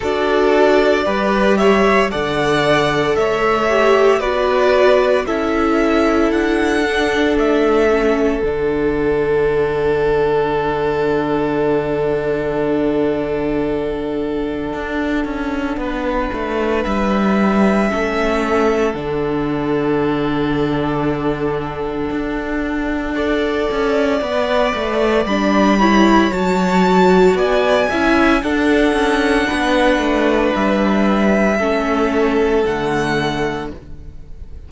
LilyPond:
<<
  \new Staff \with { instrumentName = "violin" } { \time 4/4 \tempo 4 = 57 d''4. e''8 fis''4 e''4 | d''4 e''4 fis''4 e''4 | fis''1~ | fis''1 |
e''2 fis''2~ | fis''1 | b''4 a''4 gis''4 fis''4~ | fis''4 e''2 fis''4 | }
  \new Staff \with { instrumentName = "violin" } { \time 4/4 a'4 b'8 cis''8 d''4 cis''4 | b'4 a'2.~ | a'1~ | a'2. b'4~ |
b'4 a'2.~ | a'2 d''2~ | d''8 cis''4. d''8 e''8 a'4 | b'2 a'2 | }
  \new Staff \with { instrumentName = "viola" } { \time 4/4 fis'4 g'4 a'4. g'8 | fis'4 e'4. d'4 cis'8 | d'1~ | d'1~ |
d'4 cis'4 d'2~ | d'2 a'4 b'4 | d'8 e'8 fis'4. e'8 d'4~ | d'2 cis'4 a4 | }
  \new Staff \with { instrumentName = "cello" } { \time 4/4 d'4 g4 d4 a4 | b4 cis'4 d'4 a4 | d1~ | d2 d'8 cis'8 b8 a8 |
g4 a4 d2~ | d4 d'4. cis'8 b8 a8 | g4 fis4 b8 cis'8 d'8 cis'8 | b8 a8 g4 a4 d4 | }
>>